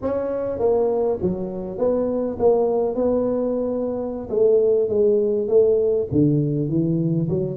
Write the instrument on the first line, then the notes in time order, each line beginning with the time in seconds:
tuba
0.01 C#4
0.59 A#3
1.21 F#3
1.78 B3
2.39 A#3
2.95 B3
4.29 A3
4.88 G#3
5.48 A3
6.11 D3
6.68 E3
7.29 F#3